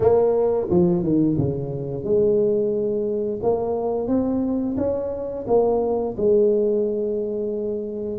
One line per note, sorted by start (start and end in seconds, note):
0.00 0.67 A#3
0.69 1.02 F3
1.02 1.36 D#3
1.37 2.03 C#3
2.03 3.40 G#3
3.42 4.07 A#3
4.07 4.75 C4
4.77 5.45 C#4
5.47 6.15 A#3
6.17 8.19 G#3